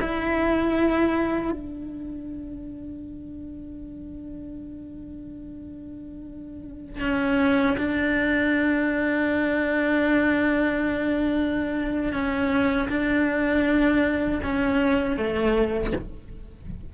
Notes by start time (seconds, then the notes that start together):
0.00 E4
1.52 D4
7.01 C#4
7.77 D4
12.12 C#4
12.88 D4
14.43 C#4
15.17 A3